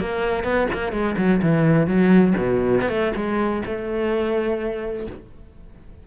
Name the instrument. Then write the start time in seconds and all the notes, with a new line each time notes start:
cello
0.00 A#3
0.44 B3
0.73 A#3
0.92 G#3
1.17 F#3
1.42 E3
1.87 F#3
2.38 B2
2.81 B3
2.89 A3
3.16 G#3
3.66 A3